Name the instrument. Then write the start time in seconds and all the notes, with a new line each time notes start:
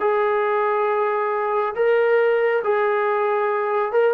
trombone
0.00 G#4
1.75 A#4
2.64 G#4
3.92 A#4